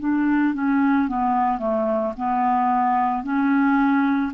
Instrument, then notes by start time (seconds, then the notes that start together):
clarinet
0.00 D4
0.54 C#4
1.08 B3
1.59 A3
2.17 B3
3.24 C#4